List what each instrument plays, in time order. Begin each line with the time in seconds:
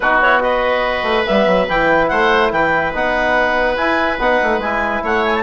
0.00 bassoon B3, trombone D#4, oboe F#4, clarinet B4
0.22 trombone E4, clarinet C#5
0.41 trombone F#4, oboe B4, clarinet D#5
1.03 bassoon A3
1.26 bassoon G3, trombone B3, clarinet E5
1.46 bassoon F#3
1.68 bassoon E3, trombone E4, clarinet G5
2.07 bassoon A3, oboe C5, clarinet F#5
2.51 bassoon E3, oboe B4, clarinet G5
2.93 bassoon B3, trombone D#4, clarinet F#5
3.76 trombone E4, bassoon E4, clarinet G#5
4.18 bassoon B3, trombone D#4, clarinet F#5
4.42 bassoon A3
4.58 bassoon G#3, trombone E4, clarinet G#5
5.03 bassoon A3, oboe C#5, clarinet F#5
5.25 clarinet G#5
5.35 clarinet A5